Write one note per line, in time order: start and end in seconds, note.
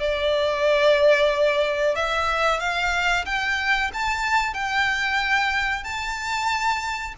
0.00 1.96 D5
1.96 2.60 E5
2.60 3.25 F5
3.26 3.91 G5
3.94 4.54 A5
4.54 5.84 G5
5.84 7.14 A5